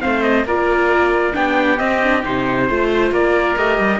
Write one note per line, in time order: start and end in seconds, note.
0.00 0.45 A3
0.00 0.44 C4
0.00 0.47 C5
0.00 0.24 F5
0.24 0.46 D#5
0.45 1.34 A#3
0.45 1.34 F4
0.45 1.36 A#4
0.45 1.36 D5
1.34 1.80 B3
1.34 1.78 D4
1.34 2.68 G4
1.34 1.79 G5
1.78 2.00 C4
1.78 2.25 C4
1.78 2.24 D#5
2.04 2.23 D4
2.23 2.70 C3
2.23 2.67 D#4
2.23 3.14 C5
2.68 3.12 A3
2.68 3.58 F4
2.68 3.12 C5
3.12 3.56 A#3
3.12 4.00 A#4
3.12 3.57 D5
3.57 3.79 A3
3.57 4.00 G4
3.57 4.00 D#5
3.80 4.00 G3